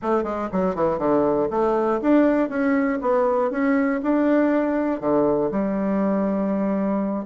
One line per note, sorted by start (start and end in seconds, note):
0.02 0.23 A3
0.23 0.48 G#3
0.52 0.75 F#3
0.75 0.98 E3
0.98 1.48 D3
1.50 2.00 A3
2.01 2.49 D4
2.49 2.99 C#4
3.01 3.50 B3
3.50 4.00 C#4
4.02 5.00 D4
5.00 5.50 D3
5.51 7.25 G3